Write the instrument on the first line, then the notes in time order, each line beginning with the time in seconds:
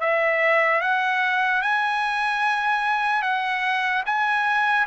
trumpet
0.00 E5
0.81 F#5
1.61 G#5
3.22 F#5
4.05 G#5